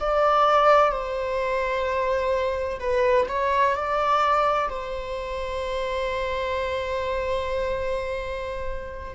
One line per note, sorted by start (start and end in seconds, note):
0.00 0.92 D5
0.92 2.79 C5
2.80 3.26 B4
3.29 3.75 C#5
3.75 4.69 D5
4.69 9.14 C5